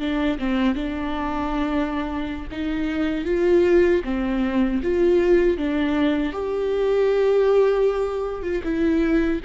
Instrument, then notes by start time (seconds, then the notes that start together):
viola
0.00 D4
0.39 C4
0.75 D4
2.51 D#4
3.25 F4
4.05 C4
4.83 F4
5.58 D4
6.33 G4
8.43 F4
8.64 E4